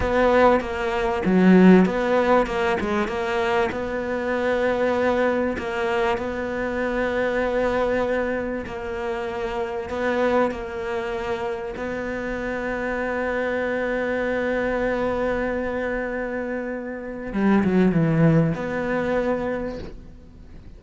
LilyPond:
\new Staff \with { instrumentName = "cello" } { \time 4/4 \tempo 4 = 97 b4 ais4 fis4 b4 | ais8 gis8 ais4 b2~ | b4 ais4 b2~ | b2 ais2 |
b4 ais2 b4~ | b1~ | b1 | g8 fis8 e4 b2 | }